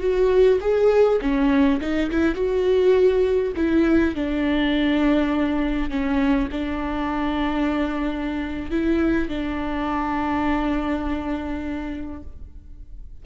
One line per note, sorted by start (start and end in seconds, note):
0.00 0.59 F#4
0.60 1.19 G#4
1.21 1.80 C#4
1.80 2.10 D#4
2.10 2.35 E4
2.35 3.53 F#4
3.56 4.15 E4
4.15 5.90 D4
5.90 6.49 C#4
6.51 8.71 D4
8.71 9.28 E4
9.28 12.22 D4